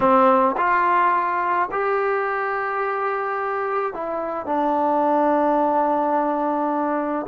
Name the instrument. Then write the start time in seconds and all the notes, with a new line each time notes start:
trombone
0.00 C4
0.57 F4
1.71 G4
3.93 E4
4.46 D4